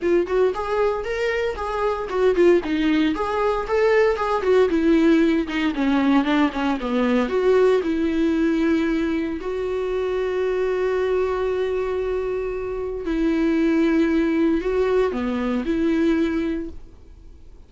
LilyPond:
\new Staff \with { instrumentName = "viola" } { \time 4/4 \tempo 4 = 115 f'8 fis'8 gis'4 ais'4 gis'4 | fis'8 f'8 dis'4 gis'4 a'4 | gis'8 fis'8 e'4. dis'8 cis'4 | d'8 cis'8 b4 fis'4 e'4~ |
e'2 fis'2~ | fis'1~ | fis'4 e'2. | fis'4 b4 e'2 | }